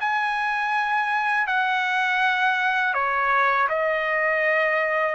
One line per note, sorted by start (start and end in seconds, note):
0.00 1.47 G#5
1.47 2.94 F#5
2.94 3.68 C#5
3.69 5.15 D#5